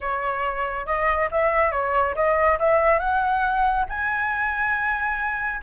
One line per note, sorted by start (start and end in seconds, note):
0.00 0.86 C#5
0.86 1.29 D#5
1.31 1.71 E5
1.71 2.14 C#5
2.15 2.58 D#5
2.59 2.99 E5
2.99 3.85 F#5
3.89 5.62 G#5